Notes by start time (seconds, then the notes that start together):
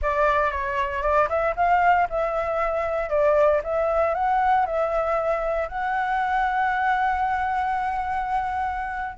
0.01 D5
0.51 C#5
1.02 D5
1.29 E5
1.56 F5
2.09 E5
3.09 D5
3.63 E5
4.14 F#5
4.66 E5
5.68 F#5